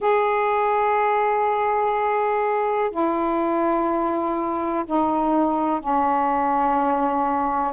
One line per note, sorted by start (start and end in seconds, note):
0.00 2.90 G#4
2.90 4.84 E4
4.86 5.80 D#4
5.80 7.73 C#4